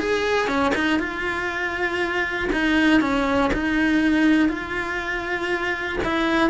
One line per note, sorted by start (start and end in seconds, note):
0.00 0.48 G#4
0.48 0.73 C#4
0.75 1.00 D#4
1.00 2.50 F4
2.53 3.01 D#4
3.01 3.51 C#4
3.54 4.49 D#4
4.49 5.99 F4
6.05 6.51 E4